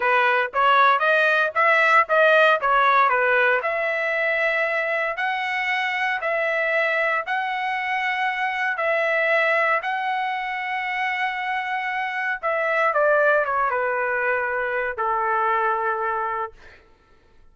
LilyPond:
\new Staff \with { instrumentName = "trumpet" } { \time 4/4 \tempo 4 = 116 b'4 cis''4 dis''4 e''4 | dis''4 cis''4 b'4 e''4~ | e''2 fis''2 | e''2 fis''2~ |
fis''4 e''2 fis''4~ | fis''1 | e''4 d''4 cis''8 b'4.~ | b'4 a'2. | }